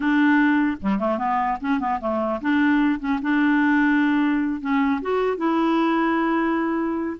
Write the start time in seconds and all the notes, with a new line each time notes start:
0.00 D4
0.81 G3
0.99 A3
1.18 B3
1.60 C#4
1.79 B3
2.00 A3
2.41 D4
2.99 C#4
3.22 D4
4.60 C#4
5.01 F#4
5.37 E4